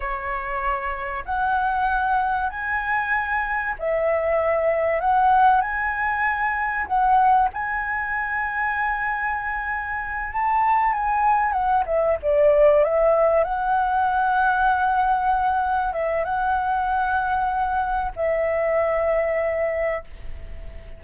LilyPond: \new Staff \with { instrumentName = "flute" } { \time 4/4 \tempo 4 = 96 cis''2 fis''2 | gis''2 e''2 | fis''4 gis''2 fis''4 | gis''1~ |
gis''8 a''4 gis''4 fis''8 e''8 d''8~ | d''8 e''4 fis''2~ fis''8~ | fis''4. e''8 fis''2~ | fis''4 e''2. | }